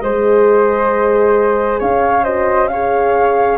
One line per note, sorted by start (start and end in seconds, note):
0.00 1.80 G#3
0.00 2.25 G#4
0.00 1.79 C5
0.00 1.79 D#5
1.79 3.57 C#4
1.79 2.24 C#5
1.79 2.24 F5
2.24 2.70 F#4
2.24 2.68 C5
2.24 2.67 D#5
2.67 3.57 G#4
2.67 3.57 C#5
2.67 3.57 F5